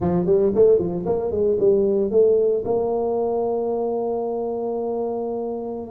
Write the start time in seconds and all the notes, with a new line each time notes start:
0.00 F3
0.26 G3
0.54 A3
0.78 F3
1.06 A#3
1.31 G#3
1.59 G3
2.11 A3
2.65 A#3